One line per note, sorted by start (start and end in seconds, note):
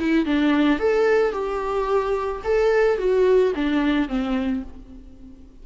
0.00 0.26 E4
0.26 0.80 D4
0.80 1.32 A4
1.32 2.42 G4
2.44 2.98 A4
2.98 3.54 F#4
3.56 4.09 D4
4.09 4.64 C4